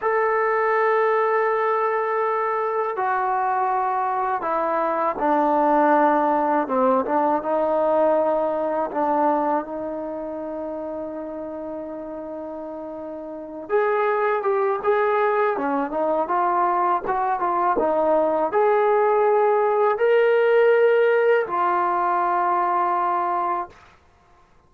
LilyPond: \new Staff \with { instrumentName = "trombone" } { \time 4/4 \tempo 4 = 81 a'1 | fis'2 e'4 d'4~ | d'4 c'8 d'8 dis'2 | d'4 dis'2.~ |
dis'2~ dis'8 gis'4 g'8 | gis'4 cis'8 dis'8 f'4 fis'8 f'8 | dis'4 gis'2 ais'4~ | ais'4 f'2. | }